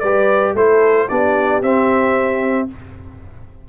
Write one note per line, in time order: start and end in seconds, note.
0.00 0.54 G3
0.00 0.57 G4
0.00 0.55 B4
0.00 0.53 D5
0.54 1.07 A3
0.54 1.09 E4
0.54 1.09 A4
0.54 1.09 C5
1.09 1.62 B3
1.09 1.62 D4
1.09 2.69 G4
1.09 1.62 D5
1.62 2.68 C4
1.62 2.69 E5